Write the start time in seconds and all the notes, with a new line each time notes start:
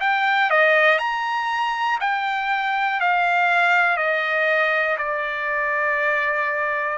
0.00 G5
0.50 D#5
0.99 A#5
2.00 G5
3.00 F5
3.97 D#5
4.97 D5